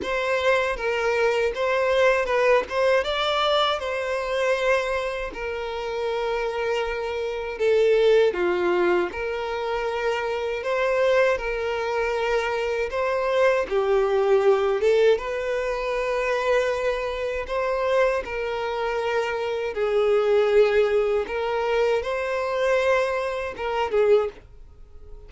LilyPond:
\new Staff \with { instrumentName = "violin" } { \time 4/4 \tempo 4 = 79 c''4 ais'4 c''4 b'8 c''8 | d''4 c''2 ais'4~ | ais'2 a'4 f'4 | ais'2 c''4 ais'4~ |
ais'4 c''4 g'4. a'8 | b'2. c''4 | ais'2 gis'2 | ais'4 c''2 ais'8 gis'8 | }